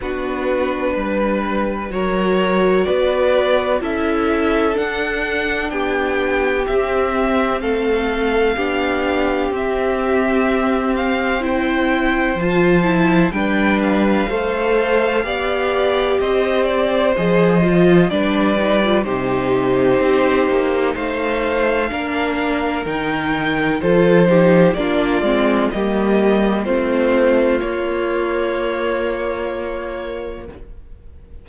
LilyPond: <<
  \new Staff \with { instrumentName = "violin" } { \time 4/4 \tempo 4 = 63 b'2 cis''4 d''4 | e''4 fis''4 g''4 e''4 | f''2 e''4. f''8 | g''4 a''4 g''8 f''4.~ |
f''4 dis''8 d''8 dis''4 d''4 | c''2 f''2 | g''4 c''4 d''4 dis''4 | c''4 cis''2. | }
  \new Staff \with { instrumentName = "violin" } { \time 4/4 fis'4 b'4 ais'4 b'4 | a'2 g'2 | a'4 g'2. | c''2 b'4 c''4 |
d''4 c''2 b'4 | g'2 c''4 ais'4~ | ais'4 a'8 g'8 f'4 g'4 | f'1 | }
  \new Staff \with { instrumentName = "viola" } { \time 4/4 d'2 fis'2 | e'4 d'2 c'4~ | c'4 d'4 c'2 | e'4 f'8 e'8 d'4 a'4 |
g'2 gis'8 f'8 d'8 dis'16 f'16 | dis'2. d'4 | dis'4 f'8 dis'8 d'8 c'8 ais4 | c'4 ais2. | }
  \new Staff \with { instrumentName = "cello" } { \time 4/4 b4 g4 fis4 b4 | cis'4 d'4 b4 c'4 | a4 b4 c'2~ | c'4 f4 g4 a4 |
b4 c'4 f4 g4 | c4 c'8 ais8 a4 ais4 | dis4 f4 ais8 gis8 g4 | a4 ais2. | }
>>